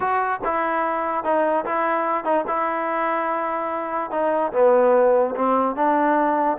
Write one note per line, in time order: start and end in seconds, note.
0.00 0.40 F#4
0.44 1.23 E4
1.23 1.65 D#4
1.65 2.24 E4
2.24 2.44 D#4
2.47 4.10 E4
4.10 4.51 D#4
4.52 5.34 B3
5.35 5.75 C4
5.75 6.57 D4